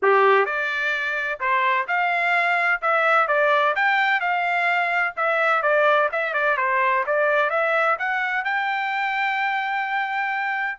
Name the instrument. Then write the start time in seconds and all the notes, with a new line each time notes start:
trumpet
0.02 G4
0.45 D5
1.40 C5
1.87 F5
2.81 E5
3.27 D5
3.75 G5
4.20 F5
5.16 E5
5.62 D5
6.12 E5
6.33 D5
6.57 C5
7.06 D5
7.50 E5
7.98 F#5
8.44 G5